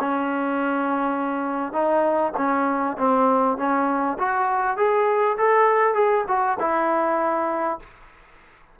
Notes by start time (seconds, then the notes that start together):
0.00 C#4
1.73 D#4
2.37 C#4
2.98 C4
3.58 C#4
4.19 F#4
4.77 G#4
5.38 A4
5.95 G#4
6.28 F#4
6.59 E4